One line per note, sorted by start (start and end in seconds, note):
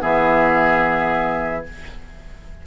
0.00 1.67 E3
0.00 1.64 B3
0.00 1.66 G#4
0.00 1.66 E5